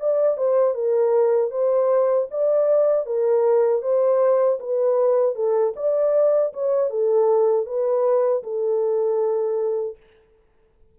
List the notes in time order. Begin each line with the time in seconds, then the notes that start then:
0.00 D5
0.37 C5
0.75 A#4
1.51 C5
2.31 D5
3.06 A#4
3.83 C5
4.60 B4
5.35 A4
5.76 D5
6.54 C#5
6.91 A4
7.66 B4
8.43 A4